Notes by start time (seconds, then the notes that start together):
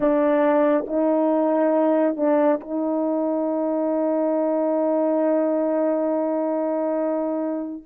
0.00 D4
0.87 D#4
2.16 D4
2.60 D#4